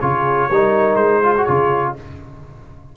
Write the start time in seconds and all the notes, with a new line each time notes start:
0.00 C#3 F4 G#4 C#5
0.49 G3 D#4 A#4
0.95 G#3 C5
1.21 F4 G#4
1.37 F#4
1.44 C#3 F4 C#5